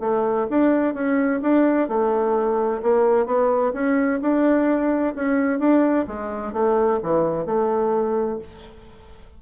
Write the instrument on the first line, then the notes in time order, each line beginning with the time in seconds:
bassoon
0.00 A3
0.50 D4
0.94 C#4
1.42 D4
1.89 A3
2.82 A#3
3.26 B3
3.73 C#4
4.21 D4
5.15 C#4
5.59 D4
6.07 G#3
6.53 A3
7.03 E3
7.46 A3